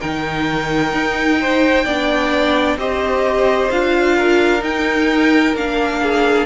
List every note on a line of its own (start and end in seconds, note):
0.00 0.92 D#3
0.00 1.86 D#4
0.00 1.39 A#4
0.00 2.77 G5
0.92 1.85 D#4
1.41 1.84 C5
1.84 2.76 B3
1.84 2.78 D4
1.84 2.77 D5
2.76 3.69 C4
2.76 3.71 G4
2.76 4.16 C5
2.76 3.71 D#5
3.71 4.62 D4
3.71 4.59 F4
3.71 4.63 F5
4.16 6.01 A#4
4.59 5.52 D#4
4.59 5.54 D#4
4.59 5.56 G5
5.54 6.45 A#3
5.54 6.45 D4
5.54 6.45 F5
6.02 6.45 G#4